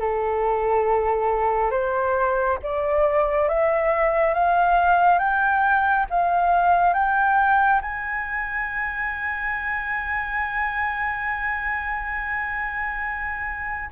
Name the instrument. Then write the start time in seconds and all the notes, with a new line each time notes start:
flute
0.00 A4
1.71 C5
2.62 D5
3.48 E5
4.34 F5
5.19 G5
6.10 F5
6.94 G5
7.81 G#5